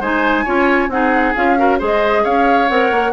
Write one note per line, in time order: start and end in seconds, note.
0.00 0.44 G#3
0.00 0.45 D#4
0.00 0.45 C5
0.00 0.90 G#5
0.45 0.89 C#4
0.45 0.90 F4
0.45 0.89 C#5
0.89 1.33 C4
0.89 1.35 D#4
0.89 1.59 G#4
0.89 1.35 F#5
1.35 1.81 C#4
1.35 1.58 F4
1.35 1.80 F5
1.58 1.79 F#4
1.58 1.79 A#4
1.79 2.25 G#3
1.79 2.68 G#4
1.79 2.23 C5
1.85 2.25 D#5
2.24 2.70 C#4
2.24 3.13 C#5
2.24 2.69 F5
2.69 2.91 C4
2.69 3.13 A#4
2.69 3.13 F#5
2.91 3.13 A#3